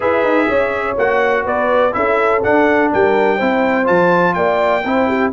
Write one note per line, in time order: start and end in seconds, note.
0.00 0.23 E4
0.00 0.96 G#4
0.00 0.48 B4
0.00 0.97 E5
0.23 0.47 D#4
0.48 0.96 C#4
0.48 1.43 C#5
0.97 1.45 A#3
0.97 1.92 F#4
0.97 1.46 F#5
1.43 1.94 B3
1.43 1.91 B4
1.43 1.93 D5
1.92 2.43 C#4
1.92 2.40 E4
1.92 2.92 A4
1.92 2.42 E5
2.43 3.39 D4
2.43 2.92 D4
2.43 2.91 F#5
2.92 3.40 G3
2.92 3.36 A#4
2.92 3.87 G5
3.36 3.88 C4
3.36 3.84 E4
3.36 4.33 C5
3.84 4.36 F3
3.84 4.81 F4
3.84 4.34 A5
4.34 4.84 A#3
4.34 4.84 D5
4.34 5.30 G5
4.84 5.32 C4
4.84 5.32 E4
4.84 5.07 C5
5.07 5.31 G4